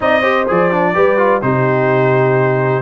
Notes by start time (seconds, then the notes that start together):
0.00 C4 D#4 D5 D#5
0.21 G4 C5
0.48 F3 G#4 D5
0.71 D4
0.94 G3 G4 B4
1.17 F4
1.41 C3 D#4 G4 C5